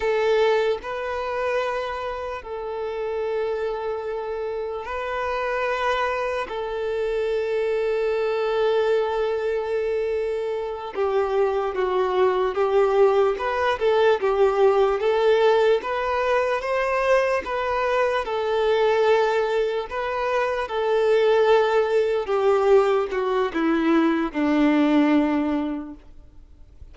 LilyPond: \new Staff \with { instrumentName = "violin" } { \time 4/4 \tempo 4 = 74 a'4 b'2 a'4~ | a'2 b'2 | a'1~ | a'4. g'4 fis'4 g'8~ |
g'8 b'8 a'8 g'4 a'4 b'8~ | b'8 c''4 b'4 a'4.~ | a'8 b'4 a'2 g'8~ | g'8 fis'8 e'4 d'2 | }